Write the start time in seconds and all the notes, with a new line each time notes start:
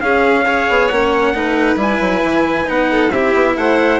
0.00 C#4 G#4 F5
0.45 G#4 C#5
0.69 B3
0.87 A#3 C#4 F#5
1.34 A3 D#4 B4
1.76 G3 E4 G#5
2.00 F#3
2.23 E3
2.64 B3 D#4 F#5
2.90 A4
3.11 C4 E4 G4 E5
3.34 B3
3.56 A3 C5 F#5